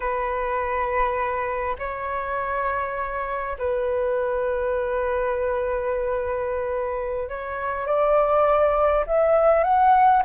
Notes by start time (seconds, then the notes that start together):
0.00 B4
1.78 C#5
3.58 B4
7.29 C#5
7.86 D5
9.06 E5
9.63 F#5